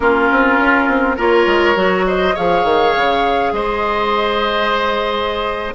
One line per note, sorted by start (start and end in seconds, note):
0.00 0.29 A#3
0.00 1.18 C#4
0.00 1.16 F4
0.00 1.17 A#4
0.31 0.58 C4
0.58 0.88 C#4
0.88 1.17 C4
1.16 1.46 A#3
1.16 1.75 F4
1.16 2.04 A#4
1.16 2.07 C#5
1.46 1.75 G#3
1.75 2.34 F#3
1.75 2.34 F#4
2.07 2.34 C5
2.07 2.36 D#5
2.34 2.64 F3
2.34 5.73 G#4
2.34 3.52 C#5
2.34 3.53 F5
2.64 2.93 D#3
2.96 3.52 C#3
3.52 5.73 G#3
3.52 5.74 C5
3.52 5.74 D#5